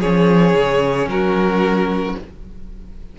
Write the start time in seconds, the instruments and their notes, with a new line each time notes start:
0.00 cello F3, viola C#4, violin G#4 C#5
0.54 cello C#3
1.07 cello F#3, violin F#4 A#4